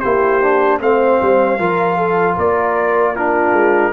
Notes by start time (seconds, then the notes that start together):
0.00 A#3 E4 G4 C5
0.42 D4
0.81 A3 C4 C5 F5
1.22 G3
1.59 F3 F4 A#4
1.98 A4
2.35 A#3 A#4 D5
3.15 D4 F4 A#4
3.53 G#3